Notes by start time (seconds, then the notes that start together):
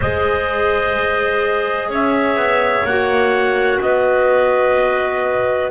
0.00 G#3 G#4 C5 D#5
1.89 C#4 C#5 E5
2.35 B3
2.84 A#3 F#4 F#5
3.80 B3 B4 D#5